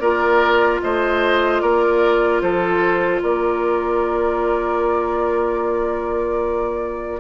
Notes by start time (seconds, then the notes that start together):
0.00 A#3 F4 A#4 D5
0.83 A3 C5 D#5
1.61 A#3 A#4 D5
2.42 F3 A4 C5
3.23 A#3 A#4 D5